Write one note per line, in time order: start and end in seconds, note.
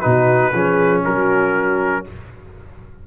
0.00 0.53 B2
0.00 0.53 D#4
0.00 0.53 F#4
0.00 1.01 B4
0.53 1.03 F3
0.53 2.04 C#4
0.53 1.04 G#4
1.04 2.06 F#3
1.04 2.05 F#4
1.04 2.05 A#4